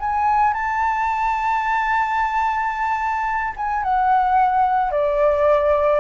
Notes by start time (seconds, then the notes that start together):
0.00 G#5
0.54 A5
3.57 G#5
3.84 F#5
4.91 D5